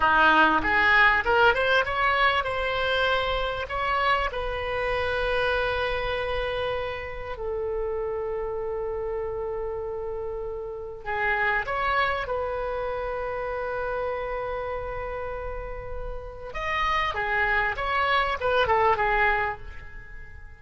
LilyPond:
\new Staff \with { instrumentName = "oboe" } { \time 4/4 \tempo 4 = 98 dis'4 gis'4 ais'8 c''8 cis''4 | c''2 cis''4 b'4~ | b'1 | a'1~ |
a'2 gis'4 cis''4 | b'1~ | b'2. dis''4 | gis'4 cis''4 b'8 a'8 gis'4 | }